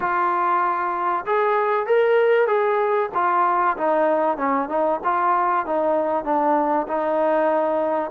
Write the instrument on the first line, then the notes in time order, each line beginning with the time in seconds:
trombone
0.00 F4
1.26 G#4
1.86 A#4
2.47 G#4
3.14 F4
3.77 D#4
4.37 C#4
4.68 D#4
5.04 F4
5.66 D#4
6.24 D4
6.87 D#4